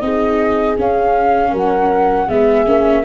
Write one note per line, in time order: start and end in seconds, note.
0.00 0.77 C4
0.00 0.77 D#4
0.00 1.51 G#4
0.00 0.76 D#5
0.78 2.29 C#4
0.78 1.53 C#4
0.78 1.56 F5
1.51 2.29 F#3
1.51 2.27 A#4
1.51 2.29 F#5
2.28 2.67 G#3
2.28 2.66 B3
2.28 3.04 G#4
2.28 3.05 E5
2.66 3.05 A#3
2.66 3.04 C#4